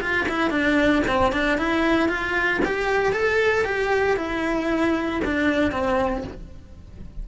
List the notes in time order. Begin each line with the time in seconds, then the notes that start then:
0.00 F4
0.28 E4
0.50 D4
1.07 C4
1.32 D4
1.57 E4
2.08 F4
2.65 G4
3.12 A4
3.64 G4
4.16 E4
5.24 D4
5.71 C4